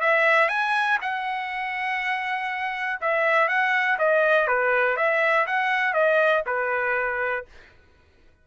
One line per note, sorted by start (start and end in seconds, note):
0.00 0.49 E5
0.49 0.98 G#5
1.01 3.00 F#5
3.01 3.48 E5
3.48 3.98 F#5
3.98 4.47 D#5
4.47 4.96 B4
4.96 5.46 E5
5.46 5.93 F#5
5.93 6.43 D#5
6.46 7.45 B4